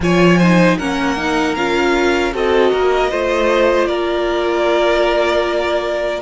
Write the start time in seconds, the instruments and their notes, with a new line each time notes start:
0.00 cello F3, viola F4, violin C#5 G#5
0.38 viola D#4, violin C5
0.77 cello A#3, viola C#4, violin A#4 F#5
1.17 viola D#4
1.55 cello C#4, viola F4, violin F5
2.33 cello C4, viola F#4, violin A4 D#5
2.71 cello A#3, violin A#4
3.10 cello A3, viola F4, violin C5
3.86 cello A#3, violin A#4 D5